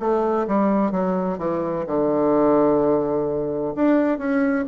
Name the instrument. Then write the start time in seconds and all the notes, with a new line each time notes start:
bassoon
0.00 A3
0.48 G3
0.92 F#3
1.38 E3
1.87 D3
3.76 D4
4.18 C#4